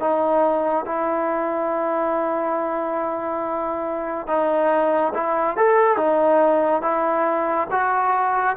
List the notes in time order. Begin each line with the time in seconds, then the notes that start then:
0.00 D#4
0.85 E4
4.27 D#4
5.14 E4
5.57 A4
5.97 D#4
6.82 E4
7.71 F#4